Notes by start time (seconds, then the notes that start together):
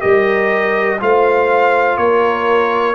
0.00 G3 G4 A#4 D#5
1.00 A3 F4 C5 F5
1.98 A#3 A#4 C#5